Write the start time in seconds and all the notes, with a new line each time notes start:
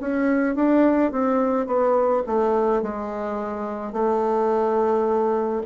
0.00 C#4
0.56 D4
1.12 C4
1.67 B3
2.26 A3
2.83 G#3
3.93 A3